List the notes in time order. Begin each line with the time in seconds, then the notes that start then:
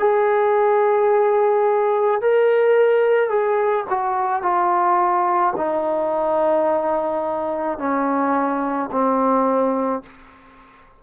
0.00 G#4
2.22 A#4
3.30 G#4
3.90 F#4
4.43 F4
5.57 D#4
7.79 C#4
8.92 C4